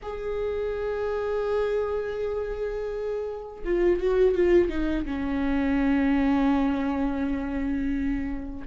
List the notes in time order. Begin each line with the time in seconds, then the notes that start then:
0.02 G#4
3.64 F4
4.00 F#4
4.35 F4
4.69 D#4
5.05 C#4